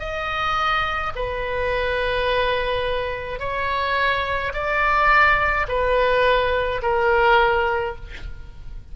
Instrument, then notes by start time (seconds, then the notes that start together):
oboe
0.00 D#5
1.16 B4
3.40 C#5
4.54 D5
5.69 B4
6.82 A#4